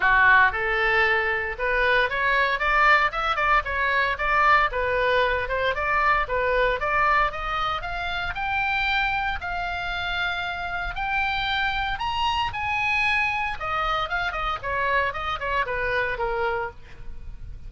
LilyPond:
\new Staff \with { instrumentName = "oboe" } { \time 4/4 \tempo 4 = 115 fis'4 a'2 b'4 | cis''4 d''4 e''8 d''8 cis''4 | d''4 b'4. c''8 d''4 | b'4 d''4 dis''4 f''4 |
g''2 f''2~ | f''4 g''2 ais''4 | gis''2 dis''4 f''8 dis''8 | cis''4 dis''8 cis''8 b'4 ais'4 | }